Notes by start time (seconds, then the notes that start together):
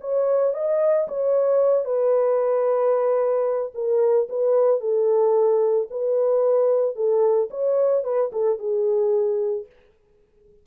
0.00 C#5
0.54 D#5
1.08 C#5
1.84 B4
3.74 A#4
4.29 B4
4.80 A4
5.90 B4
6.95 A4
7.50 C#5
8.04 B4
8.32 A4
8.58 G#4